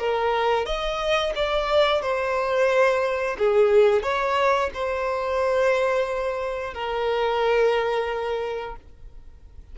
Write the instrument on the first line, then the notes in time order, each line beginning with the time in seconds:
violin
0.00 A#4
0.66 D#5
1.35 D5
2.02 C5
3.38 G#4
4.03 C#5
4.74 C5
6.74 A#4